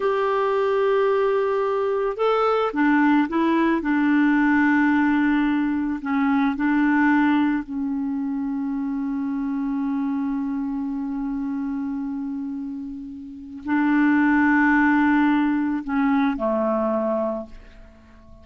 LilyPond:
\new Staff \with { instrumentName = "clarinet" } { \time 4/4 \tempo 4 = 110 g'1 | a'4 d'4 e'4 d'4~ | d'2. cis'4 | d'2 cis'2~ |
cis'1~ | cis'1~ | cis'4 d'2.~ | d'4 cis'4 a2 | }